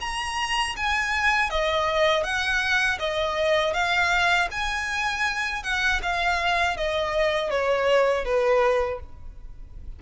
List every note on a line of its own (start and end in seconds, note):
0.00 0.75 A#5
0.76 1.50 G#5
1.50 2.23 D#5
2.23 2.98 F#5
2.99 3.73 D#5
3.73 4.48 F5
4.51 5.63 G#5
5.63 6.00 F#5
6.02 6.76 F5
6.76 7.50 D#5
7.50 8.24 C#5
8.24 8.99 B4